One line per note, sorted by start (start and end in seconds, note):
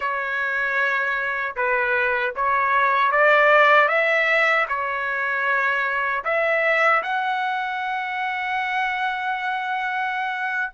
0.00 1.55 C#5
1.56 2.34 B4
2.35 3.11 C#5
3.11 3.88 D5
3.88 4.66 E5
4.68 6.24 C#5
6.24 7.02 E5
7.02 10.72 F#5